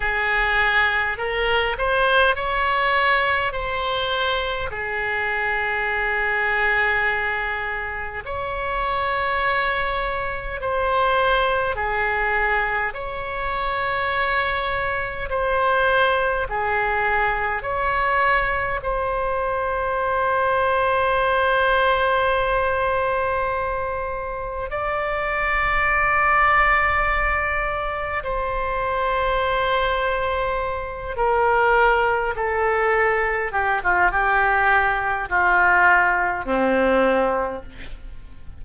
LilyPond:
\new Staff \with { instrumentName = "oboe" } { \time 4/4 \tempo 4 = 51 gis'4 ais'8 c''8 cis''4 c''4 | gis'2. cis''4~ | cis''4 c''4 gis'4 cis''4~ | cis''4 c''4 gis'4 cis''4 |
c''1~ | c''4 d''2. | c''2~ c''8 ais'4 a'8~ | a'8 g'16 f'16 g'4 f'4 c'4 | }